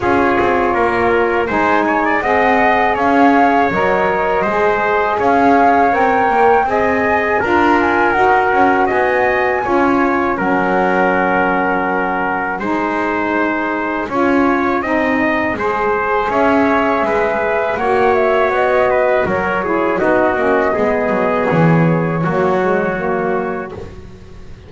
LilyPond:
<<
  \new Staff \with { instrumentName = "flute" } { \time 4/4 \tempo 4 = 81 cis''2 gis''4 fis''4 | f''4 dis''2 f''4 | g''4 gis''4 ais''8 gis''8 fis''4 | gis''2 fis''2~ |
fis''4 gis''2.~ | gis''2 e''2 | fis''8 e''8 dis''4 cis''4 dis''4~ | dis''4 cis''2. | }
  \new Staff \with { instrumentName = "trumpet" } { \time 4/4 gis'4 ais'4 c''8 cis''16 d''16 dis''4 | cis''2 c''4 cis''4~ | cis''4 dis''4 ais'2 | dis''4 cis''4 ais'2~ |
ais'4 c''2 cis''4 | dis''4 c''4 cis''4 b'4 | cis''4. b'8 ais'8 gis'8 fis'4 | gis'2 fis'2 | }
  \new Staff \with { instrumentName = "saxophone" } { \time 4/4 f'2 dis'4 gis'4~ | gis'4 ais'4 gis'2 | ais'4 gis'4 f'4 fis'4~ | fis'4 f'4 cis'2~ |
cis'4 dis'2 f'4 | dis'4 gis'2. | fis'2~ fis'8 e'8 dis'8 cis'8 | b2 ais8 gis8 ais4 | }
  \new Staff \with { instrumentName = "double bass" } { \time 4/4 cis'8 c'8 ais4 gis4 c'4 | cis'4 fis4 gis4 cis'4 | c'8 ais8 c'4 d'4 dis'8 cis'8 | b4 cis'4 fis2~ |
fis4 gis2 cis'4 | c'4 gis4 cis'4 gis4 | ais4 b4 fis4 b8 ais8 | gis8 fis8 e4 fis2 | }
>>